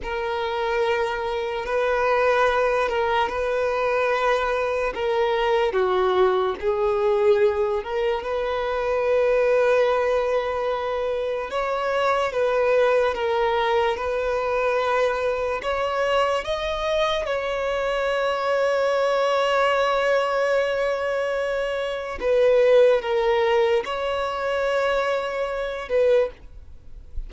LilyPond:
\new Staff \with { instrumentName = "violin" } { \time 4/4 \tempo 4 = 73 ais'2 b'4. ais'8 | b'2 ais'4 fis'4 | gis'4. ais'8 b'2~ | b'2 cis''4 b'4 |
ais'4 b'2 cis''4 | dis''4 cis''2.~ | cis''2. b'4 | ais'4 cis''2~ cis''8 b'8 | }